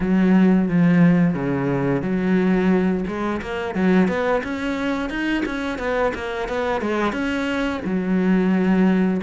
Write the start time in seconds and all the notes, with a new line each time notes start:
0.00 F#3
0.68 F3
1.34 C#3
2.01 F#3
3.07 G#3
3.41 A#3
3.74 F#3
4.08 B3
4.43 C#4
5.09 D#4
5.45 C#4
5.78 B3
6.14 A#3
6.48 B3
6.81 G#3
7.12 C#4
7.84 F#3